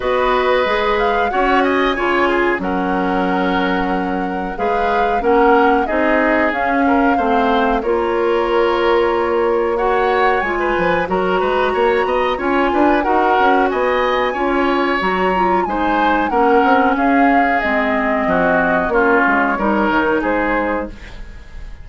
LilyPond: <<
  \new Staff \with { instrumentName = "flute" } { \time 4/4 \tempo 4 = 92 dis''4. f''8 fis''8 gis''4. | fis''2. f''4 | fis''4 dis''4 f''2 | cis''2. fis''4 |
gis''4 ais''2 gis''4 | fis''4 gis''2 ais''4 | gis''4 fis''4 f''4 dis''4~ | dis''4 cis''2 c''4 | }
  \new Staff \with { instrumentName = "oboe" } { \time 4/4 b'2 cis''8 dis''8 cis''8 gis'8 | ais'2. b'4 | ais'4 gis'4. ais'8 c''4 | ais'2. cis''4~ |
cis''16 b'8. ais'8 b'8 cis''8 dis''8 cis''8 b'8 | ais'4 dis''4 cis''2 | c''4 ais'4 gis'2 | fis'4 f'4 ais'4 gis'4 | }
  \new Staff \with { instrumentName = "clarinet" } { \time 4/4 fis'4 gis'4 fis'4 f'4 | cis'2. gis'4 | cis'4 dis'4 cis'4 c'4 | f'2. fis'4 |
f'4 fis'2 f'4 | fis'2 f'4 fis'8 f'8 | dis'4 cis'2 c'4~ | c'4 cis'4 dis'2 | }
  \new Staff \with { instrumentName = "bassoon" } { \time 4/4 b4 gis4 cis'4 cis4 | fis2. gis4 | ais4 c'4 cis'4 a4 | ais1 |
gis8 f8 fis8 gis8 ais8 b8 cis'8 d'8 | dis'8 cis'8 b4 cis'4 fis4 | gis4 ais8 c'8 cis'4 gis4 | f4 ais8 gis8 g8 dis8 gis4 | }
>>